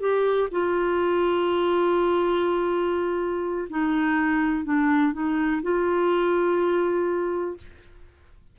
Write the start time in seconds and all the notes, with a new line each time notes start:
0.00 G4
0.51 F4
3.70 D#4
4.64 D4
5.13 D#4
5.62 F4